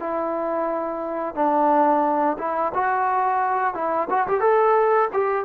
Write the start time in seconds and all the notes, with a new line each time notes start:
0.00 E4
1.35 D4
2.39 E4
2.74 F#4
3.74 E4
4.10 F#4
4.28 G4
4.41 A4
5.13 G4